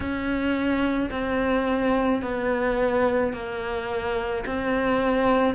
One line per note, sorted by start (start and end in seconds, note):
0.00 1.09 C#4
1.11 2.22 C4
2.22 3.33 B3
3.33 4.44 A#3
4.45 5.54 C4